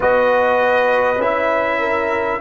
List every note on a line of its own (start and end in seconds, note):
0.00 1.17 B3
0.00 1.17 F#4
0.00 1.79 B4
0.00 1.20 D#5
1.17 2.37 C#4
1.17 2.41 E4
1.17 2.40 E5
1.79 2.39 A#4